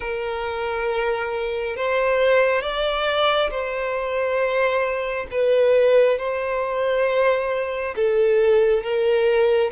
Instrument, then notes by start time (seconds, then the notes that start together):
violin
0.00 A#4
1.76 C5
2.61 D5
3.50 C5
5.31 B4
6.18 C5
7.95 A4
8.83 A#4